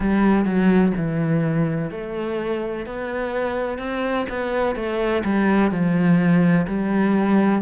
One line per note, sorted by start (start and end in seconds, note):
0.00 0.45 G3
0.45 0.92 F#3
0.97 1.90 E3
1.90 2.86 A3
2.86 3.78 B3
3.78 4.26 C4
4.29 4.75 B3
4.75 5.23 A3
5.24 5.71 G3
5.71 6.66 F3
6.67 7.62 G3